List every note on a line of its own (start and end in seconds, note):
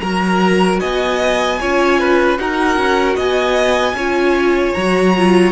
0.00 0.82 F#3
0.00 1.60 F#4
0.00 0.80 A#4
0.00 0.79 A#5
0.80 1.62 B3
0.80 1.59 D#5
0.80 2.38 G#5
1.61 2.39 C#4
1.61 2.39 F4
1.61 2.00 C#5
2.00 2.40 B4
2.38 2.77 D#4
2.38 3.97 F#4
2.38 3.16 A#4
2.38 3.17 F#5
2.77 3.17 C#4
3.16 3.94 B3
3.16 3.95 D#5
3.16 4.74 G#5
3.94 4.73 C#4
3.94 4.77 F4
3.94 5.53 C#5
4.74 5.53 F#3
4.74 5.17 F#4
4.74 5.53 A#5
5.17 5.53 F4